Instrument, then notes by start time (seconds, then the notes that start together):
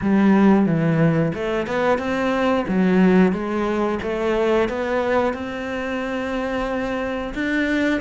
cello
0.01 G3
0.65 E3
1.34 A3
1.66 B3
1.98 C4
2.68 F#3
3.32 G#3
4.02 A3
4.68 B3
5.33 C4
7.34 D4